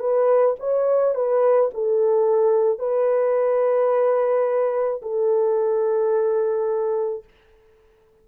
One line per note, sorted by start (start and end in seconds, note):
0.00 0.56 B4
0.60 1.15 C#5
1.15 1.71 B4
1.74 2.79 A4
2.79 5.02 B4
5.02 7.24 A4